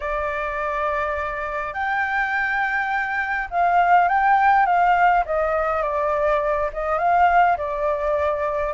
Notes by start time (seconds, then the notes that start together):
0.00 D5
1.73 G5
3.50 F5
4.08 G5
4.65 F5
5.25 D#5
5.82 D5
6.73 D#5
6.98 F5
7.57 D5